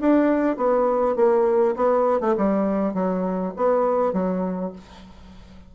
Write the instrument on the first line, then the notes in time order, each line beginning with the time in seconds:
bassoon
0.00 D4
0.57 B3
1.16 A#3
1.76 B3
2.20 A3
2.37 G3
2.94 F#3
3.56 B3
4.13 F#3